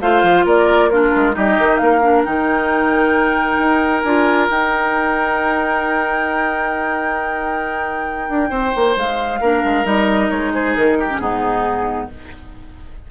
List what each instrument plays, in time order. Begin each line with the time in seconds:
0.00 bassoon A3, clarinet F4, oboe C5, flute F5
0.22 bassoon F3
0.44 bassoon A#3, oboe A#4, flute D5
0.89 clarinet D4, oboe F4, flute A#4
1.15 bassoon G#3
1.33 bassoon G3, clarinet D#4, oboe G4, flute D#5
1.58 bassoon D#3
1.77 bassoon A#3, oboe A#4, flute F5
2.02 clarinet D4
2.24 bassoon D#3, clarinet D#4, flute G5
3.57 bassoon D#4
4.01 bassoon D4, clarinet F4, flute G#5
4.49 bassoon D#4, clarinet D#4, flute G5
8.28 bassoon D4
8.50 bassoon C4, oboe C5
8.75 bassoon A#3
8.96 bassoon G#3, flute F5
9.40 bassoon A#3, clarinet D4, oboe A#4
9.64 bassoon G#3
9.84 bassoon G3, clarinet D#4, flute D#5
10.30 bassoon G#3, flute C#5
10.53 oboe G#4, flute C5
10.75 bassoon D#3, flute A#4
10.99 oboe G4
11.09 clarinet C#4
11.18 bassoon G#2, clarinet B3, oboe D#4, flute G#4